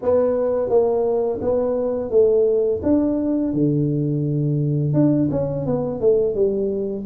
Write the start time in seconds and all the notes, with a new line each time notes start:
0.02 B3
0.69 A#3
1.41 B3
2.10 A3
2.82 D4
3.53 D3
4.93 D4
5.30 C#4
5.66 B3
6.00 A3
6.34 G3